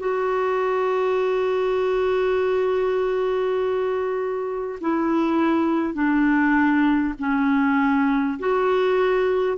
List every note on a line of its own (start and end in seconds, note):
0.00 4.80 F#4
4.81 5.95 E4
5.95 7.15 D4
7.19 8.39 C#4
8.40 9.58 F#4